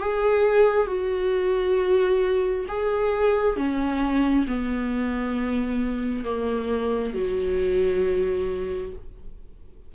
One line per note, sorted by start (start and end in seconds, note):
0.00 0.87 G#4
0.87 2.66 F#4
2.68 3.57 G#4
3.57 4.47 C#4
4.47 6.25 B3
6.25 7.14 A#3
7.14 8.93 F#3